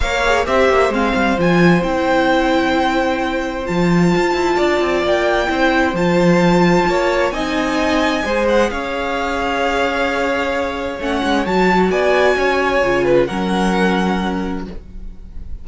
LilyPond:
<<
  \new Staff \with { instrumentName = "violin" } { \time 4/4 \tempo 4 = 131 f''4 e''4 f''4 gis''4 | g''1 | a''2. g''4~ | g''4 a''2. |
gis''2~ gis''8 fis''8 f''4~ | f''1 | fis''4 a''4 gis''2~ | gis''4 fis''2. | }
  \new Staff \with { instrumentName = "violin" } { \time 4/4 cis''4 c''2.~ | c''1~ | c''2 d''2 | c''2. cis''4 |
dis''2 c''4 cis''4~ | cis''1~ | cis''2 d''4 cis''4~ | cis''8 b'8 ais'2. | }
  \new Staff \with { instrumentName = "viola" } { \time 4/4 ais'8 gis'8 g'4 c'4 f'4 | e'1 | f'1 | e'4 f'2. |
dis'2 gis'2~ | gis'1 | cis'4 fis'2. | f'4 cis'2. | }
  \new Staff \with { instrumentName = "cello" } { \time 4/4 ais4 c'8 ais8 gis8 g8 f4 | c'1 | f4 f'8 e'8 d'8 c'8 ais4 | c'4 f2 ais4 |
c'2 gis4 cis'4~ | cis'1 | a8 gis8 fis4 b4 cis'4 | cis4 fis2. | }
>>